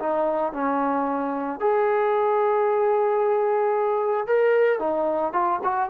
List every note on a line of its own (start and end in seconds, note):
0.00 0.53 D#4
0.53 1.60 C#4
1.60 4.27 G#4
4.27 4.80 A#4
4.80 5.33 D#4
5.33 5.60 F4
5.64 5.90 F#4